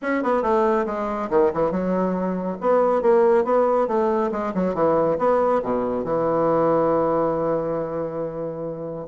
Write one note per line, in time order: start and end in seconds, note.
0.02 0.23 C#4
0.23 0.42 B3
0.42 0.85 A3
0.86 1.29 G#3
1.30 1.51 D#3
1.53 1.71 E3
1.71 2.57 F#3
2.60 3.02 B3
3.02 3.44 A#3
3.44 3.87 B3
3.87 4.30 A3
4.31 4.53 G#3
4.54 4.74 F#3
4.74 5.17 E3
5.18 5.61 B3
5.63 6.04 B2
6.04 9.06 E3